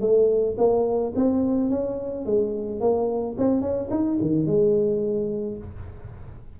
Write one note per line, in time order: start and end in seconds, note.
0.00 0.56 A3
0.57 1.13 A#3
1.15 1.69 C4
1.69 2.25 C#4
2.26 2.80 G#3
2.80 3.36 A#3
3.38 3.61 C4
3.61 3.89 C#4
3.90 4.18 D#4
4.21 4.46 D#3
4.46 5.57 G#3